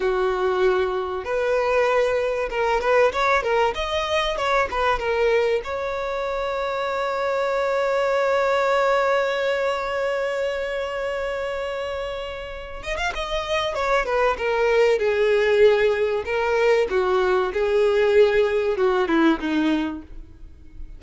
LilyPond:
\new Staff \with { instrumentName = "violin" } { \time 4/4 \tempo 4 = 96 fis'2 b'2 | ais'8 b'8 cis''8 ais'8 dis''4 cis''8 b'8 | ais'4 cis''2.~ | cis''1~ |
cis''1~ | cis''8 dis''16 f''16 dis''4 cis''8 b'8 ais'4 | gis'2 ais'4 fis'4 | gis'2 fis'8 e'8 dis'4 | }